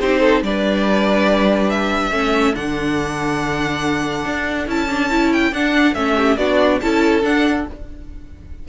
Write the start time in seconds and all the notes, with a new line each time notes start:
0.00 C4 D#4 G4 C5
0.20 A4
0.42 G3 D4 B4 D5
1.70 E5
2.11 A3 C#4 A4
2.53 D3 D4 F#5
4.25 D4
4.67 C#4 E4 A5
4.89 D4
5.10 E4
5.33 G5
5.52 D4 F#5
5.95 A3 C#4 E5
6.16 G4
6.37 B3 D4 F#4 D5
6.81 C#4 E4 A4 A5
7.22 D4 F#5